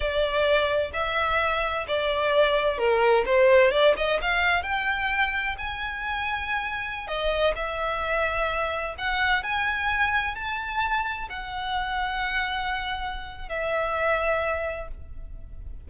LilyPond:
\new Staff \with { instrumentName = "violin" } { \time 4/4 \tempo 4 = 129 d''2 e''2 | d''2 ais'4 c''4 | d''8 dis''8 f''4 g''2 | gis''2.~ gis''16 dis''8.~ |
dis''16 e''2. fis''8.~ | fis''16 gis''2 a''4.~ a''16~ | a''16 fis''2.~ fis''8.~ | fis''4 e''2. | }